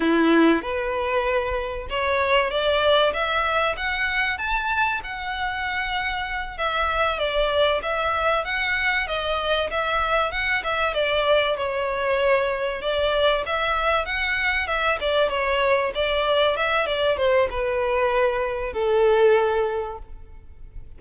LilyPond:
\new Staff \with { instrumentName = "violin" } { \time 4/4 \tempo 4 = 96 e'4 b'2 cis''4 | d''4 e''4 fis''4 a''4 | fis''2~ fis''8 e''4 d''8~ | d''8 e''4 fis''4 dis''4 e''8~ |
e''8 fis''8 e''8 d''4 cis''4.~ | cis''8 d''4 e''4 fis''4 e''8 | d''8 cis''4 d''4 e''8 d''8 c''8 | b'2 a'2 | }